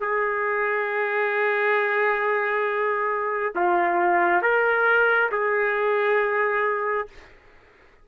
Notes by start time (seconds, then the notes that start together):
0.00 G#4
3.55 F4
4.42 A#4
5.31 G#4